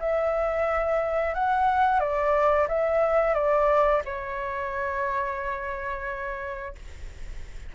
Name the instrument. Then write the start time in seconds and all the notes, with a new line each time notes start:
flute
0.00 E5
1.35 F#5
2.00 D5
2.68 E5
3.34 D5
4.05 C#5